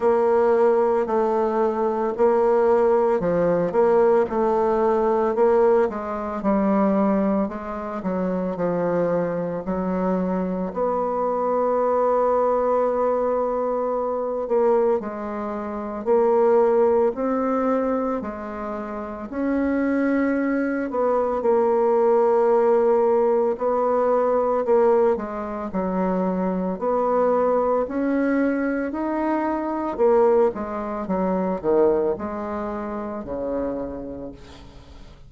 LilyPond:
\new Staff \with { instrumentName = "bassoon" } { \time 4/4 \tempo 4 = 56 ais4 a4 ais4 f8 ais8 | a4 ais8 gis8 g4 gis8 fis8 | f4 fis4 b2~ | b4. ais8 gis4 ais4 |
c'4 gis4 cis'4. b8 | ais2 b4 ais8 gis8 | fis4 b4 cis'4 dis'4 | ais8 gis8 fis8 dis8 gis4 cis4 | }